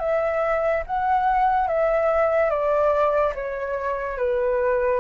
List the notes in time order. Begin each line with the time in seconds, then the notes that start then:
0.00 E5
0.87 F#5
1.68 E5
2.50 D5
3.35 C#5
4.18 B4